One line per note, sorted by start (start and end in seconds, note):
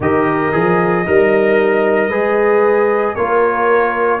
0.00 0.52 D#3
0.00 0.52 G4
0.00 1.05 A#4
0.00 3.15 D#5
0.52 1.07 F3
0.52 1.05 G#4
1.05 2.08 G3
1.05 2.07 D#4
1.05 2.11 A#4
2.07 3.14 G#3
2.07 3.16 G#4
2.07 3.13 B4
3.15 4.20 A#3
3.15 4.20 F4
3.15 4.20 A#4
3.15 4.20 C#5